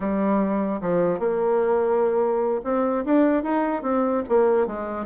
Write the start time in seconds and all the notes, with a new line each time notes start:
0.00 G3
0.81 F3
1.19 A#3
2.64 C4
3.05 D4
3.43 D#4
3.82 C4
4.29 A#3
4.67 G#3